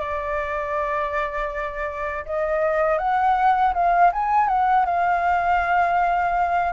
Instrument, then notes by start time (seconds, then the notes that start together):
flute
0.00 D5
2.26 D#5
2.99 F#5
3.74 F5
4.13 G#5
4.48 F#5
4.86 F5